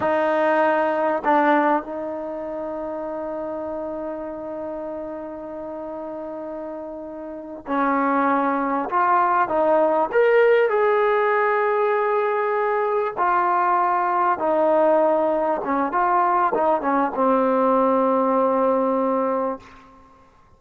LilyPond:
\new Staff \with { instrumentName = "trombone" } { \time 4/4 \tempo 4 = 98 dis'2 d'4 dis'4~ | dis'1~ | dis'1~ | dis'8 cis'2 f'4 dis'8~ |
dis'8 ais'4 gis'2~ gis'8~ | gis'4. f'2 dis'8~ | dis'4. cis'8 f'4 dis'8 cis'8 | c'1 | }